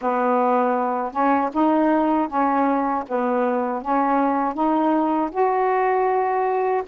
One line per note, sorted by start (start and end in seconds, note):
0.01 1.12 B3
1.12 1.50 C#4
1.53 2.28 D#4
2.28 3.04 C#4
3.08 3.82 B3
3.82 4.54 C#4
4.54 5.30 D#4
5.31 6.83 F#4